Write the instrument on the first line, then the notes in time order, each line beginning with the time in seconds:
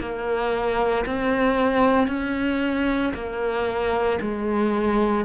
cello
0.00 A#3
1.06 C4
2.07 C#4
3.14 A#3
4.21 G#3